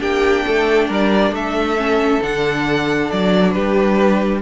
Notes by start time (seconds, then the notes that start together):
0.00 A#3 D4 G4 G5
0.46 A3 A4
0.88 G3 A#4 D5
1.32 A3 A4 E5
1.77 C#4
2.22 D3 D4 F#5
3.11 F#3 D5
3.52 G3 G4 B4